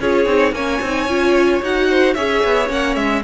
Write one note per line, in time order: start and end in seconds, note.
0.00 0.26 C#4
0.00 0.28 F4
0.00 0.55 G#4
0.00 0.54 C#5
0.26 0.52 C4
0.26 0.55 D#4
0.52 0.79 A#3
0.52 0.84 C#4
0.52 1.90 C#5
0.52 1.62 G#5
0.81 1.07 C4
0.81 1.09 D#4
1.07 1.61 C#4
1.07 1.63 F4
1.62 2.16 D#4
1.62 2.17 F#4
1.62 2.14 F#5
1.90 2.14 C5
2.14 2.44 C#4
2.14 2.68 G#4
2.14 3.22 C#5
2.14 2.68 E5
2.44 2.69 B3
2.68 2.96 A#3
2.68 3.22 C#4
2.68 2.95 F#5
2.95 3.23 G#3
2.95 3.22 E5